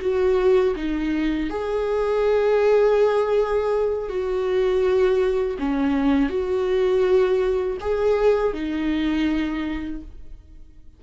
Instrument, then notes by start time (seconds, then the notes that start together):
viola
0.00 F#4
0.75 D#4
1.49 G#4
4.09 F#4
5.59 C#4
6.29 F#4
7.80 G#4
8.53 D#4